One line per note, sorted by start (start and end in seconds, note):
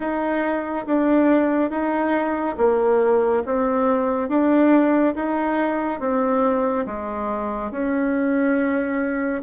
0.00 0.85 D#4
0.86 1.70 D4
1.70 2.56 D#4
2.57 3.43 A#3
3.45 4.28 C4
4.28 5.14 D4
5.15 6.00 D#4
6.00 6.85 C4
6.86 7.71 G#3
7.71 9.42 C#4